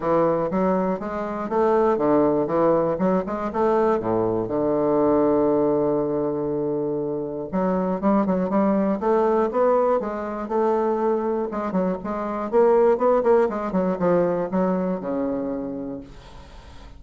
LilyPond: \new Staff \with { instrumentName = "bassoon" } { \time 4/4 \tempo 4 = 120 e4 fis4 gis4 a4 | d4 e4 fis8 gis8 a4 | a,4 d2.~ | d2. fis4 |
g8 fis8 g4 a4 b4 | gis4 a2 gis8 fis8 | gis4 ais4 b8 ais8 gis8 fis8 | f4 fis4 cis2 | }